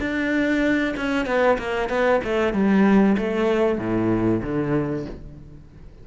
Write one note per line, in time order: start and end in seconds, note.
0.00 0.95 D4
0.96 1.26 C#4
1.26 1.57 B3
1.58 1.89 A#3
1.89 2.20 B3
2.24 2.53 A3
2.53 3.16 G3
3.17 3.78 A3
3.78 4.41 A2
4.42 5.05 D3